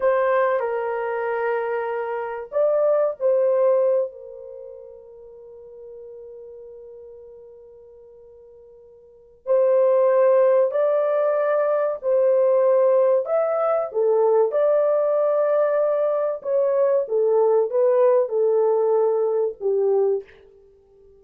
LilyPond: \new Staff \with { instrumentName = "horn" } { \time 4/4 \tempo 4 = 95 c''4 ais'2. | d''4 c''4. ais'4.~ | ais'1~ | ais'2. c''4~ |
c''4 d''2 c''4~ | c''4 e''4 a'4 d''4~ | d''2 cis''4 a'4 | b'4 a'2 g'4 | }